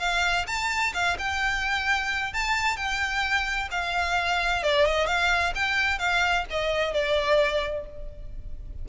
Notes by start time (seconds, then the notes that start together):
0.00 F5
0.47 A5
0.94 F5
1.19 G5
2.34 A5
2.77 G5
3.72 F5
4.63 D5
4.86 D#5
5.07 F5
5.55 G5
5.99 F5
6.51 D#5
6.94 D5